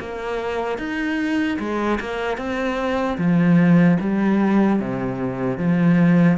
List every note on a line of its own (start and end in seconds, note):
0.00 0.79 A#3
0.79 1.59 D#4
1.60 2.00 G#3
2.01 2.38 A#3
2.38 3.18 C4
3.18 3.98 F3
4.01 4.80 G3
4.80 5.58 C3
5.58 6.38 F3